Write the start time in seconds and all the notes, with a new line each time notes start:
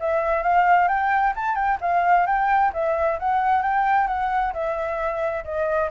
0.00 E5
0.42 F5
0.88 G5
1.35 A5
1.55 G5
1.81 F5
2.26 G5
2.73 E5
3.19 F#5
3.62 G5
4.07 F#5
4.53 E5
5.44 D#5